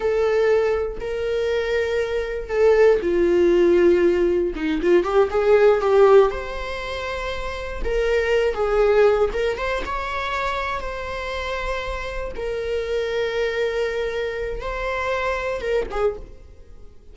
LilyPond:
\new Staff \with { instrumentName = "viola" } { \time 4/4 \tempo 4 = 119 a'2 ais'2~ | ais'4 a'4 f'2~ | f'4 dis'8 f'8 g'8 gis'4 g'8~ | g'8 c''2. ais'8~ |
ais'4 gis'4. ais'8 c''8 cis''8~ | cis''4. c''2~ c''8~ | c''8 ais'2.~ ais'8~ | ais'4 c''2 ais'8 gis'8 | }